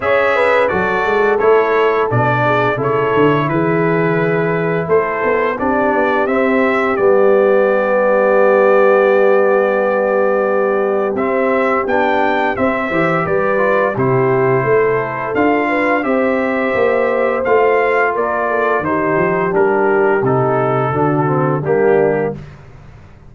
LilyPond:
<<
  \new Staff \with { instrumentName = "trumpet" } { \time 4/4 \tempo 4 = 86 e''4 d''4 cis''4 d''4 | cis''4 b'2 c''4 | d''4 e''4 d''2~ | d''1 |
e''4 g''4 e''4 d''4 | c''2 f''4 e''4~ | e''4 f''4 d''4 c''4 | ais'4 a'2 g'4 | }
  \new Staff \with { instrumentName = "horn" } { \time 4/4 cis''8 b'8 a'2~ a'8 gis'8 | a'4 gis'2 a'4 | g'1~ | g'1~ |
g'2~ g'8 c''8 b'4 | g'4 a'4. b'8 c''4~ | c''2 ais'8 a'8 g'4~ | g'2 fis'4 d'4 | }
  \new Staff \with { instrumentName = "trombone" } { \time 4/4 gis'4 fis'4 e'4 d'4 | e'1 | d'4 c'4 b2~ | b1 |
c'4 d'4 c'8 g'4 f'8 | e'2 f'4 g'4~ | g'4 f'2 dis'4 | d'4 dis'4 d'8 c'8 ais4 | }
  \new Staff \with { instrumentName = "tuba" } { \time 4/4 cis'4 fis8 gis8 a4 b,4 | cis8 d8 e2 a8 b8 | c'8 b8 c'4 g2~ | g1 |
c'4 b4 c'8 e8 g4 | c4 a4 d'4 c'4 | ais4 a4 ais4 dis8 f8 | g4 c4 d4 g4 | }
>>